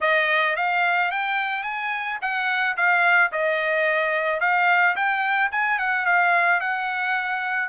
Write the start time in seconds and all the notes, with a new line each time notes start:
0.01 D#5
0.56 F5
1.11 G5
1.63 G#5
2.21 F#5
2.76 F5
3.32 D#5
4.40 F5
4.95 G5
5.51 G#5
5.78 F#5
6.05 F5
6.60 F#5